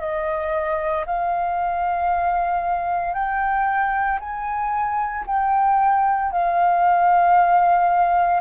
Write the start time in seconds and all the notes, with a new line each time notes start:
0.00 D#5
1.06 F5
3.13 G5
4.20 G#5
5.26 G5
6.32 F5